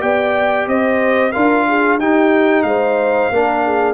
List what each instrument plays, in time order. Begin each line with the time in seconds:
0.00 tuba B3, trombone G4, horn D5, trumpet G5
0.68 tuba C4, horn C5, trumpet D#5
1.33 tuba D4, trombone F4, horn A#4, trumpet F5
1.68 horn G#4
1.99 tuba D#4, trombone D#4, horn G4, trumpet G5
2.63 tuba G#3, horn C5, trumpet F5
3.31 tuba A#3, trombone D4, horn A#4
3.66 horn G#4